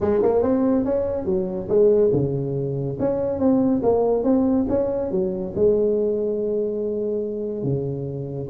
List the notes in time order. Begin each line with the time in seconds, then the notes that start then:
0.00 G#3
0.22 A#3
0.42 C4
0.85 C#4
1.25 F#3
1.68 G#3
2.13 C#3
2.99 C#4
3.39 C4
3.82 A#3
4.23 C4
4.68 C#4
5.11 F#3
5.55 G#3
7.63 C#3